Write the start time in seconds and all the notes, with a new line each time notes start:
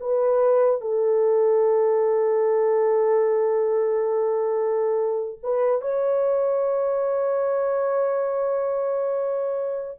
0.00 B4
0.81 A4
5.43 B4
5.81 C#5